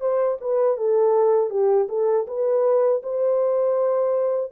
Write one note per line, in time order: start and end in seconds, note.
0.00 0.38 C5
0.40 0.77 B4
0.77 1.50 A4
1.50 1.87 G4
1.89 2.26 A4
2.27 3.02 B4
3.02 4.51 C5